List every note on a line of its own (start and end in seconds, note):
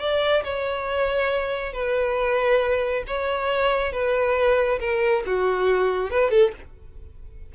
0.00 0.43 D5
0.44 1.74 C#5
1.74 3.04 B4
3.08 3.93 C#5
3.93 4.80 B4
4.80 5.24 A#4
5.26 6.11 F#4
6.11 6.31 B4
6.31 6.53 A4